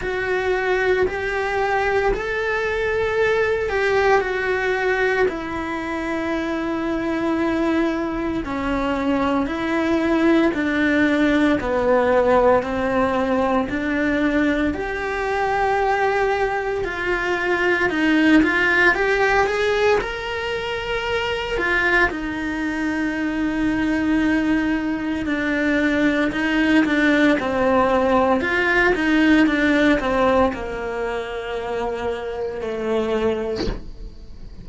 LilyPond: \new Staff \with { instrumentName = "cello" } { \time 4/4 \tempo 4 = 57 fis'4 g'4 a'4. g'8 | fis'4 e'2. | cis'4 e'4 d'4 b4 | c'4 d'4 g'2 |
f'4 dis'8 f'8 g'8 gis'8 ais'4~ | ais'8 f'8 dis'2. | d'4 dis'8 d'8 c'4 f'8 dis'8 | d'8 c'8 ais2 a4 | }